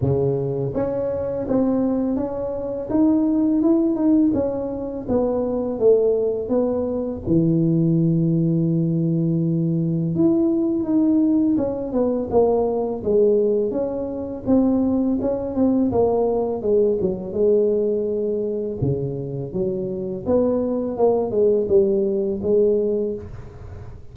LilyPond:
\new Staff \with { instrumentName = "tuba" } { \time 4/4 \tempo 4 = 83 cis4 cis'4 c'4 cis'4 | dis'4 e'8 dis'8 cis'4 b4 | a4 b4 e2~ | e2 e'4 dis'4 |
cis'8 b8 ais4 gis4 cis'4 | c'4 cis'8 c'8 ais4 gis8 fis8 | gis2 cis4 fis4 | b4 ais8 gis8 g4 gis4 | }